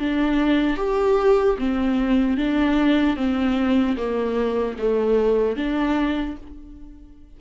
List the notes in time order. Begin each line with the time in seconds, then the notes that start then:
0.00 D4
0.77 G4
1.59 C4
2.38 D4
3.17 C4
3.97 A#3
4.79 A3
5.57 D4